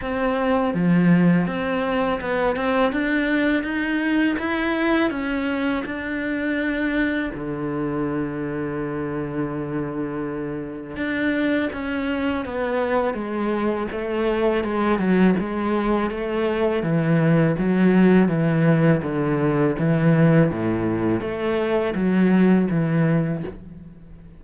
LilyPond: \new Staff \with { instrumentName = "cello" } { \time 4/4 \tempo 4 = 82 c'4 f4 c'4 b8 c'8 | d'4 dis'4 e'4 cis'4 | d'2 d2~ | d2. d'4 |
cis'4 b4 gis4 a4 | gis8 fis8 gis4 a4 e4 | fis4 e4 d4 e4 | a,4 a4 fis4 e4 | }